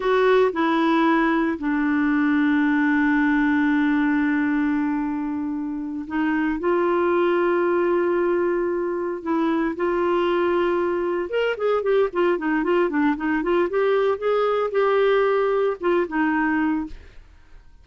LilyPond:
\new Staff \with { instrumentName = "clarinet" } { \time 4/4 \tempo 4 = 114 fis'4 e'2 d'4~ | d'1~ | d'2.~ d'8 dis'8~ | dis'8 f'2.~ f'8~ |
f'4. e'4 f'4.~ | f'4. ais'8 gis'8 g'8 f'8 dis'8 | f'8 d'8 dis'8 f'8 g'4 gis'4 | g'2 f'8 dis'4. | }